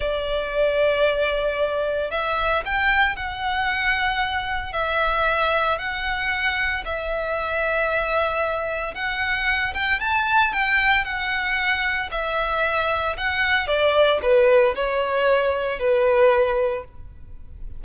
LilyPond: \new Staff \with { instrumentName = "violin" } { \time 4/4 \tempo 4 = 114 d''1 | e''4 g''4 fis''2~ | fis''4 e''2 fis''4~ | fis''4 e''2.~ |
e''4 fis''4. g''8 a''4 | g''4 fis''2 e''4~ | e''4 fis''4 d''4 b'4 | cis''2 b'2 | }